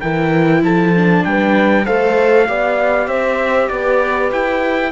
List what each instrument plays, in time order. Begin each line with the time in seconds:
0.00 cello E3, viola E4, horn A#4, trumpet G5
0.62 cello F3, horn A4, trumpet A5
0.95 viola D4
1.24 cello G3, horn B4, trumpet G5
1.85 cello A3, viola A4, horn C5, trumpet F5
2.47 cello B3, viola G4, horn D5
3.07 cello C4, horn C5, trumpet E5
3.68 cello B3, horn B4, trumpet D5
4.31 cello E4, trumpet G5